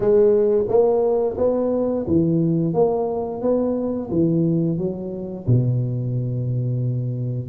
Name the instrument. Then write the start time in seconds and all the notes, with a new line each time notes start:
tuba
0.00 G#3
0.68 A#3
1.37 B3
2.07 E3
2.73 A#3
3.41 B3
4.10 E3
4.78 F#3
5.47 B2